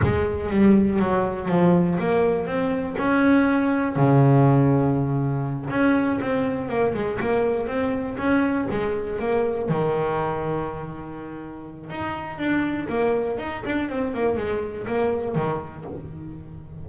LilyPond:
\new Staff \with { instrumentName = "double bass" } { \time 4/4 \tempo 4 = 121 gis4 g4 fis4 f4 | ais4 c'4 cis'2 | cis2.~ cis8 cis'8~ | cis'8 c'4 ais8 gis8 ais4 c'8~ |
c'8 cis'4 gis4 ais4 dis8~ | dis1 | dis'4 d'4 ais4 dis'8 d'8 | c'8 ais8 gis4 ais4 dis4 | }